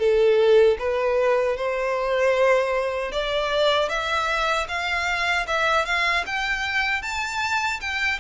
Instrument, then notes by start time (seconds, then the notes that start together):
violin
0.00 A4
0.79 B4
1.57 C5
3.12 D5
3.90 E5
4.69 F5
5.48 E5
5.86 F5
6.27 G5
7.03 A5
7.81 G5